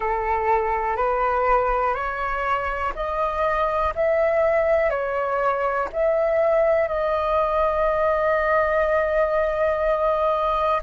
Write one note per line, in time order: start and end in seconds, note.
0.00 0.96 A4
0.96 1.94 B4
1.94 2.92 C#5
2.95 3.93 D#5
3.95 4.90 E5
4.90 5.88 C#5
5.92 6.88 E5
6.88 10.81 D#5